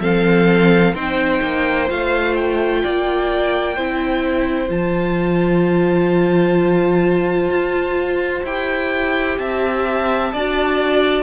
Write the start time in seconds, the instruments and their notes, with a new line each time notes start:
0.00 cello F3, viola C4, violin A4 F5
0.94 cello C4, viola D#4, violin C5 G5
1.43 cello A#3
1.88 cello A3, viola F4, violin F5
2.36 violin G5
2.83 cello A#3, violin D5
3.76 cello C4, viola E4, violin C5
4.69 cello F3, viola F4, violin A5
7.49 cello F4
8.44 cello E4, viola G4, violin G5
9.38 cello C4, violin E5 A5
10.33 cello D4, viola F#4, violin D5